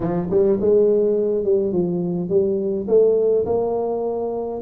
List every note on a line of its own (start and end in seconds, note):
0.00 0.29 F3
0.30 0.59 G3
0.60 1.44 G#3
1.44 1.72 G3
1.72 2.29 F3
2.29 2.86 G3
2.87 3.45 A3
3.45 4.61 A#3